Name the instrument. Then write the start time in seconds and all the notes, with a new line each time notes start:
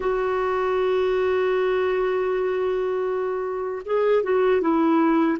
clarinet
0.00 F#4
3.85 G#4
4.23 F#4
4.61 E4